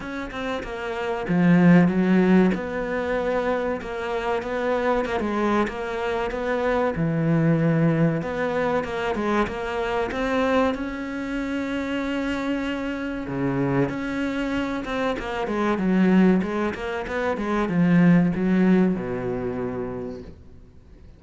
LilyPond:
\new Staff \with { instrumentName = "cello" } { \time 4/4 \tempo 4 = 95 cis'8 c'8 ais4 f4 fis4 | b2 ais4 b4 | ais16 gis8. ais4 b4 e4~ | e4 b4 ais8 gis8 ais4 |
c'4 cis'2.~ | cis'4 cis4 cis'4. c'8 | ais8 gis8 fis4 gis8 ais8 b8 gis8 | f4 fis4 b,2 | }